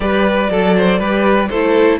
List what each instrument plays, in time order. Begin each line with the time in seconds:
0.00 cello G3, viola G4, violin B4 D5
0.50 cello F#3, violin A4, viola A4
0.75 violin C5
0.99 cello G3, viola G4, violin B4
1.48 cello A3, viola E4, violin A4 C5